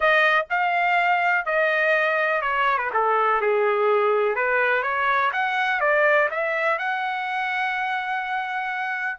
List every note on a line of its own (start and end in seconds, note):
0.00 0.46 D#5
0.50 1.45 F5
1.45 2.41 D#5
2.41 2.78 C#5
2.78 2.90 B4
2.93 3.41 A4
3.41 4.35 G#4
4.35 4.82 B4
4.82 5.31 C#5
5.32 5.80 F#5
5.80 6.28 D5
6.30 6.78 E5
6.78 9.19 F#5